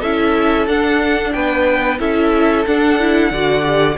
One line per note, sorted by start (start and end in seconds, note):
0.00 0.67 C#4
0.00 0.68 E4
0.00 1.32 A4
0.00 0.66 E5
0.67 1.33 D4
0.67 1.98 D4
0.67 1.32 F#5
1.32 1.99 B3
1.32 1.99 B4
1.32 1.98 G5
1.98 2.65 C#4
1.98 2.64 E4
1.98 3.31 A4
1.98 2.65 E5
2.65 3.30 D4
2.65 2.99 D4
2.65 3.97 F#5
2.99 3.32 E4
3.30 3.96 D3
3.30 3.60 F#4
3.30 3.97 D5
3.60 3.93 G4